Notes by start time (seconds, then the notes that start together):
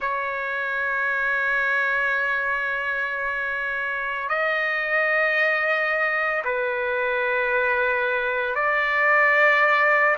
0.00 C#5
4.29 D#5
6.44 B4
8.55 D5